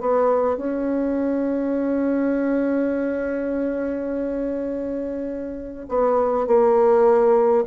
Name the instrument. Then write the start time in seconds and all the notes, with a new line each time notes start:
bassoon
0.00 B3
0.57 C#4
5.88 B3
6.47 A#3